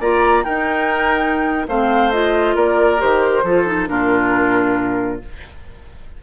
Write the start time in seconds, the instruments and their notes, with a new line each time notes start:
0.00 bassoon A#3, clarinet F4, oboe D5, flute A#5
0.44 clarinet D#4, bassoon D#4, oboe A#4, flute G5
1.68 bassoon A3, clarinet C4, oboe C5, flute F5
2.12 clarinet F4, flute D#5
2.55 bassoon A#3, oboe A#4, flute D5
2.98 bassoon D#3, clarinet G4, flute C5
3.43 bassoon F3, clarinet F4, oboe A4
3.66 clarinet D#4
3.87 bassoon A#2, clarinet D4, oboe F4, flute A#4